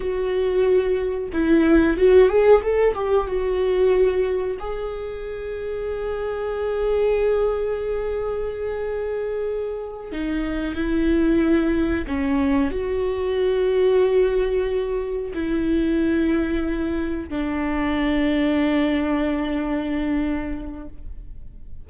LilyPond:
\new Staff \with { instrumentName = "viola" } { \time 4/4 \tempo 4 = 92 fis'2 e'4 fis'8 gis'8 | a'8 g'8 fis'2 gis'4~ | gis'1~ | gis'2.~ gis'8 dis'8~ |
dis'8 e'2 cis'4 fis'8~ | fis'2.~ fis'8 e'8~ | e'2~ e'8 d'4.~ | d'1 | }